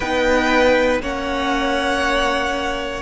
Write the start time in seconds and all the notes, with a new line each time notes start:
0.00 B3 D#4 B4 G5
1.01 A#3 C#4 C#5 F#5